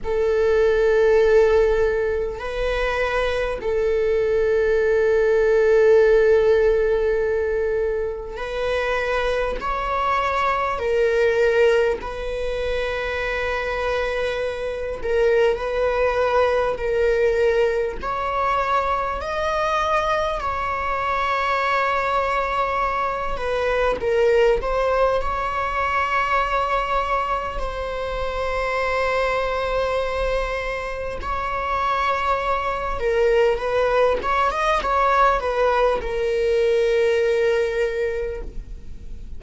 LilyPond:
\new Staff \with { instrumentName = "viola" } { \time 4/4 \tempo 4 = 50 a'2 b'4 a'4~ | a'2. b'4 | cis''4 ais'4 b'2~ | b'8 ais'8 b'4 ais'4 cis''4 |
dis''4 cis''2~ cis''8 b'8 | ais'8 c''8 cis''2 c''4~ | c''2 cis''4. ais'8 | b'8 cis''16 dis''16 cis''8 b'8 ais'2 | }